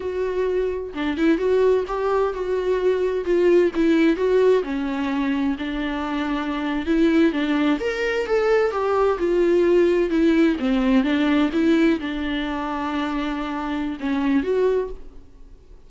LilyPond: \new Staff \with { instrumentName = "viola" } { \time 4/4 \tempo 4 = 129 fis'2 d'8 e'8 fis'4 | g'4 fis'2 f'4 | e'4 fis'4 cis'2 | d'2~ d'8. e'4 d'16~ |
d'8. ais'4 a'4 g'4 f'16~ | f'4.~ f'16 e'4 c'4 d'16~ | d'8. e'4 d'2~ d'16~ | d'2 cis'4 fis'4 | }